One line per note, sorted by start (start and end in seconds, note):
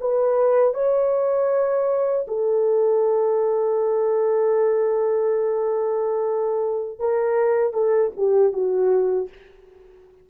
0.00 0.74 B4
0.74 2.26 C#5
2.28 6.99 A4
6.99 7.73 A#4
7.73 8.11 A4
8.17 8.53 G4
8.53 9.29 F#4